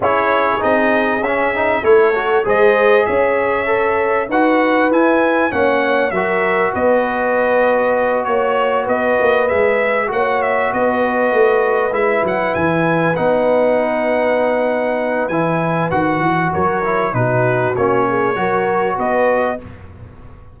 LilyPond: <<
  \new Staff \with { instrumentName = "trumpet" } { \time 4/4 \tempo 4 = 98 cis''4 dis''4 e''4 cis''4 | dis''4 e''2 fis''4 | gis''4 fis''4 e''4 dis''4~ | dis''4. cis''4 dis''4 e''8~ |
e''8 fis''8 e''8 dis''2 e''8 | fis''8 gis''4 fis''2~ fis''8~ | fis''4 gis''4 fis''4 cis''4 | b'4 cis''2 dis''4 | }
  \new Staff \with { instrumentName = "horn" } { \time 4/4 gis'2. a'4 | c''4 cis''2 b'4~ | b'4 cis''4 ais'4 b'4~ | b'4. cis''4 b'4.~ |
b'8 cis''4 b'2~ b'8~ | b'1~ | b'2. ais'4 | fis'4. gis'8 ais'4 b'4 | }
  \new Staff \with { instrumentName = "trombone" } { \time 4/4 e'4 dis'4 cis'8 dis'8 e'8 fis'8 | gis'2 a'4 fis'4 | e'4 cis'4 fis'2~ | fis'2.~ fis'8 gis'8~ |
gis'8 fis'2. e'8~ | e'4. dis'2~ dis'8~ | dis'4 e'4 fis'4. e'8 | dis'4 cis'4 fis'2 | }
  \new Staff \with { instrumentName = "tuba" } { \time 4/4 cis'4 c'4 cis'4 a4 | gis4 cis'2 dis'4 | e'4 ais4 fis4 b4~ | b4. ais4 b8 ais8 gis8~ |
gis8 ais4 b4 a4 gis8 | fis8 e4 b2~ b8~ | b4 e4 dis8 e8 fis4 | b,4 ais4 fis4 b4 | }
>>